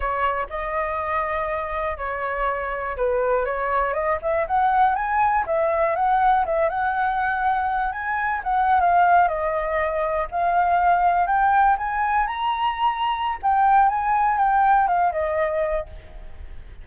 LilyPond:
\new Staff \with { instrumentName = "flute" } { \time 4/4 \tempo 4 = 121 cis''4 dis''2. | cis''2 b'4 cis''4 | dis''8 e''8 fis''4 gis''4 e''4 | fis''4 e''8 fis''2~ fis''8 |
gis''4 fis''8. f''4 dis''4~ dis''16~ | dis''8. f''2 g''4 gis''16~ | gis''8. ais''2~ ais''16 g''4 | gis''4 g''4 f''8 dis''4. | }